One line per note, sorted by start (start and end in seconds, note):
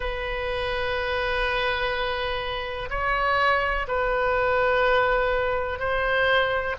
0.00 2.89 B4
2.89 3.86 C#5
3.87 5.79 B4
5.79 6.76 C5